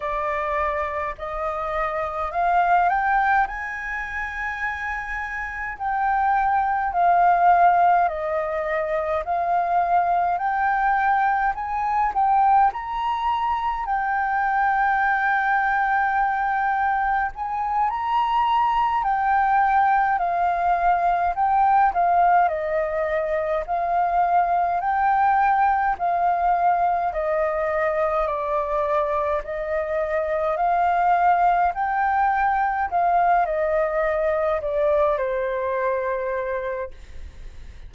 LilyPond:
\new Staff \with { instrumentName = "flute" } { \time 4/4 \tempo 4 = 52 d''4 dis''4 f''8 g''8 gis''4~ | gis''4 g''4 f''4 dis''4 | f''4 g''4 gis''8 g''8 ais''4 | g''2. gis''8 ais''8~ |
ais''8 g''4 f''4 g''8 f''8 dis''8~ | dis''8 f''4 g''4 f''4 dis''8~ | dis''8 d''4 dis''4 f''4 g''8~ | g''8 f''8 dis''4 d''8 c''4. | }